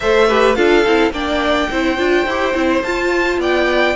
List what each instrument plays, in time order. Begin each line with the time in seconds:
0.00 cello A3, viola A4, violin C5 E5
0.27 viola G4, violin B4
0.55 cello D4, viola F4, violin A4 F5
0.85 cello C4, viola E4
1.11 cello A#3, viola D4, violin D5 G5
1.70 cello C4, viola E4, violin C5
1.97 cello D4, viola F4
2.26 cello E4, viola G4
2.54 cello C4, viola E4
2.82 cello F4, viola F4, violin A5
3.38 cello B3, violin D5 G5